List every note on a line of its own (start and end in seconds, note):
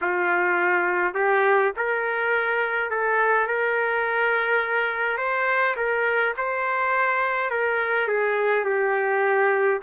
0.01 1.14 F4
1.14 1.72 G4
1.76 2.90 A#4
2.90 3.47 A4
3.47 5.17 A#4
5.17 5.75 C5
5.76 6.34 A#4
6.37 7.50 C5
7.50 8.08 A#4
8.08 8.64 G#4
8.64 9.80 G4